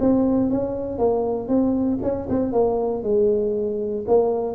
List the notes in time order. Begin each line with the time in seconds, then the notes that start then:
0.00 C4
0.50 C#4
0.99 A#3
1.48 C4
2.03 C#4
2.30 C4
2.53 A#3
3.03 G#3
4.08 A#3